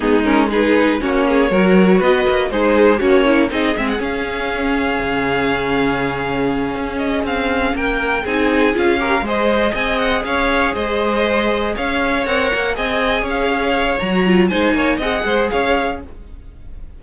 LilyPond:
<<
  \new Staff \with { instrumentName = "violin" } { \time 4/4 \tempo 4 = 120 gis'8 ais'8 b'4 cis''2 | dis''4 c''4 cis''4 dis''8 e''16 fis''16 | f''1~ | f''2 dis''8 f''4 g''8~ |
g''8 gis''4 f''4 dis''4 gis''8 | fis''8 f''4 dis''2 f''8~ | f''8 fis''4 gis''4 f''4. | ais''4 gis''4 fis''4 f''4 | }
  \new Staff \with { instrumentName = "violin" } { \time 4/4 dis'4 gis'4 fis'8 gis'8 ais'4 | b'4 dis'4 cis'4 gis'4~ | gis'1~ | gis'2.~ gis'8 ais'8~ |
ais'8 gis'4. ais'8 c''4 dis''8~ | dis''8 cis''4 c''2 cis''8~ | cis''4. dis''4 cis''4.~ | cis''4 c''8 cis''8 dis''8 c''8 cis''4 | }
  \new Staff \with { instrumentName = "viola" } { \time 4/4 b8 cis'8 dis'4 cis'4 fis'4~ | fis'4 gis'4 fis'8 e'8 dis'8 c'8 | cis'1~ | cis'1~ |
cis'8 dis'4 f'8 g'8 gis'4.~ | gis'1~ | gis'8 ais'4 gis'2~ gis'8 | fis'8 f'8 dis'4 gis'2 | }
  \new Staff \with { instrumentName = "cello" } { \time 4/4 gis2 ais4 fis4 | b8 ais8 gis4 ais4 c'8 gis8 | cis'2 cis2~ | cis4. cis'4 c'4 ais8~ |
ais8 c'4 cis'4 gis4 c'8~ | c'8 cis'4 gis2 cis'8~ | cis'8 c'8 ais8 c'4 cis'4. | fis4 gis8 ais8 c'8 gis8 cis'4 | }
>>